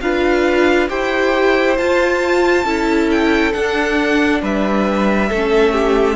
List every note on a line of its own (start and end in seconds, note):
0.00 0.89 D4
0.00 0.88 F4
0.00 0.89 B4
0.00 0.88 F5
0.88 1.78 E4
0.88 1.76 G4
0.88 2.64 C5
0.88 1.77 G5
1.77 2.63 F4
1.77 2.67 F4
1.77 3.09 A5
2.63 3.52 C#4
2.63 3.53 E4
2.63 4.41 A4
3.10 3.52 G5
3.52 5.29 D4
3.52 4.42 D4
3.52 4.41 F#5
4.42 5.30 G3
4.42 5.29 B4
4.42 6.16 E5
5.29 6.16 A3
5.29 6.16 C#4
5.29 5.72 A4
5.72 6.16 G4